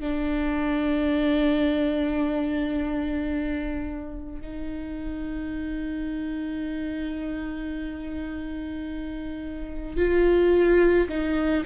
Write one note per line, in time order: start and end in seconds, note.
0.00 4.41 D4
4.41 9.97 D#4
9.97 11.09 F4
11.09 11.64 D#4